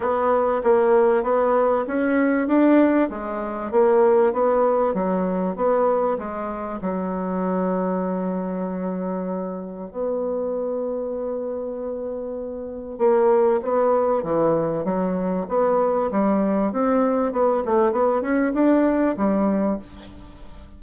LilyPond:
\new Staff \with { instrumentName = "bassoon" } { \time 4/4 \tempo 4 = 97 b4 ais4 b4 cis'4 | d'4 gis4 ais4 b4 | fis4 b4 gis4 fis4~ | fis1 |
b1~ | b4 ais4 b4 e4 | fis4 b4 g4 c'4 | b8 a8 b8 cis'8 d'4 g4 | }